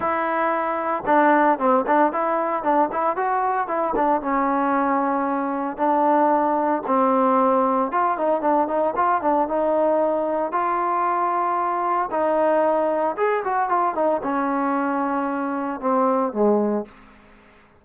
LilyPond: \new Staff \with { instrumentName = "trombone" } { \time 4/4 \tempo 4 = 114 e'2 d'4 c'8 d'8 | e'4 d'8 e'8 fis'4 e'8 d'8 | cis'2. d'4~ | d'4 c'2 f'8 dis'8 |
d'8 dis'8 f'8 d'8 dis'2 | f'2. dis'4~ | dis'4 gis'8 fis'8 f'8 dis'8 cis'4~ | cis'2 c'4 gis4 | }